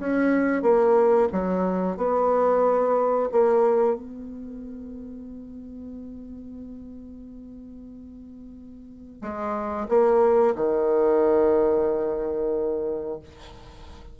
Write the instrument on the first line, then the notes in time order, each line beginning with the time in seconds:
bassoon
0.00 C#4
0.63 A#3
1.33 F#3
1.98 B3
3.32 A#3
3.96 B3
9.22 G#3
9.89 A#3
10.56 D#3